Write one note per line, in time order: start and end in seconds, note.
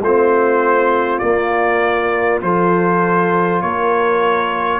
0.00 1.20 A3
0.00 1.22 C4
0.00 2.43 F4
0.00 1.18 C5
1.18 2.42 A#3
1.18 2.38 D5
2.42 3.62 F3
2.42 4.80 F4
2.42 3.63 A4
2.42 3.61 C5
3.61 4.80 A#3
3.61 4.80 A#4
3.61 4.80 C#5